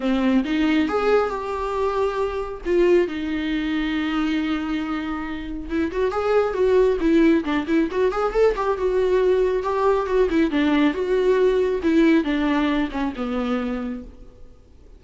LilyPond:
\new Staff \with { instrumentName = "viola" } { \time 4/4 \tempo 4 = 137 c'4 dis'4 gis'4 g'4~ | g'2 f'4 dis'4~ | dis'1~ | dis'4 e'8 fis'8 gis'4 fis'4 |
e'4 d'8 e'8 fis'8 gis'8 a'8 g'8 | fis'2 g'4 fis'8 e'8 | d'4 fis'2 e'4 | d'4. cis'8 b2 | }